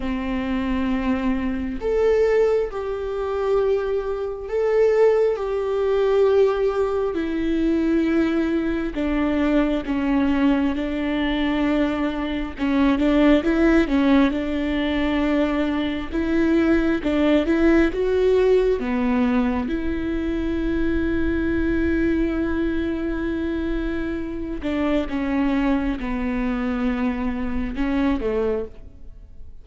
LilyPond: \new Staff \with { instrumentName = "viola" } { \time 4/4 \tempo 4 = 67 c'2 a'4 g'4~ | g'4 a'4 g'2 | e'2 d'4 cis'4 | d'2 cis'8 d'8 e'8 cis'8 |
d'2 e'4 d'8 e'8 | fis'4 b4 e'2~ | e'2.~ e'8 d'8 | cis'4 b2 cis'8 a8 | }